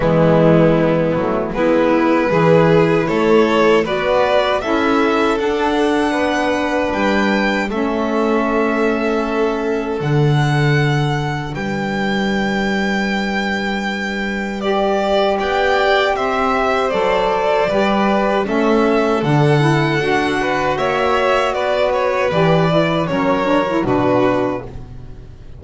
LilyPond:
<<
  \new Staff \with { instrumentName = "violin" } { \time 4/4 \tempo 4 = 78 e'2 b'2 | cis''4 d''4 e''4 fis''4~ | fis''4 g''4 e''2~ | e''4 fis''2 g''4~ |
g''2. d''4 | g''4 e''4 d''2 | e''4 fis''2 e''4 | d''8 cis''8 d''4 cis''4 b'4 | }
  \new Staff \with { instrumentName = "violin" } { \time 4/4 b2 e'4 gis'4 | a'4 b'4 a'2 | b'2 a'2~ | a'2. b'4~ |
b'1 | d''4 c''2 b'4 | a'2~ a'8 b'8 cis''4 | b'2 ais'4 fis'4 | }
  \new Staff \with { instrumentName = "saxophone" } { \time 4/4 gis4. a8 b4 e'4~ | e'4 fis'4 e'4 d'4~ | d'2 cis'2~ | cis'4 d'2.~ |
d'2. g'4~ | g'2 a'4 g'4 | cis'4 d'8 e'8 fis'2~ | fis'4 g'8 e'8 cis'8 d'16 e'16 d'4 | }
  \new Staff \with { instrumentName = "double bass" } { \time 4/4 e4. fis8 gis4 e4 | a4 b4 cis'4 d'4 | b4 g4 a2~ | a4 d2 g4~ |
g1 | b4 c'4 fis4 g4 | a4 d4 d'4 ais4 | b4 e4 fis4 b,4 | }
>>